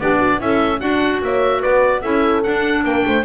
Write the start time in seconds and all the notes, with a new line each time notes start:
0.00 B3 D4 G4 D5
0.19 F#4
0.41 C#4 E4 A4 E5
0.80 D4 F#4 F#5
1.22 A#3 C#5 E5
1.61 B3 B4 D5
2.02 C#4 E4 A4 E5
2.44 D4 F#5
2.84 A#3 A#4 G5
3.06 A3 C5